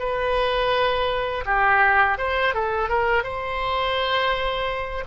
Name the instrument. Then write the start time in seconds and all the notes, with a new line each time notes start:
oboe
0.00 B4
1.46 G4
2.18 C5
2.54 A4
2.89 A#4
3.24 C5